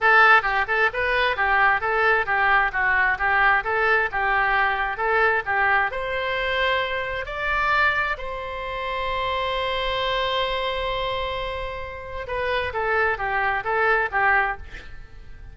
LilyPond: \new Staff \with { instrumentName = "oboe" } { \time 4/4 \tempo 4 = 132 a'4 g'8 a'8 b'4 g'4 | a'4 g'4 fis'4 g'4 | a'4 g'2 a'4 | g'4 c''2. |
d''2 c''2~ | c''1~ | c''2. b'4 | a'4 g'4 a'4 g'4 | }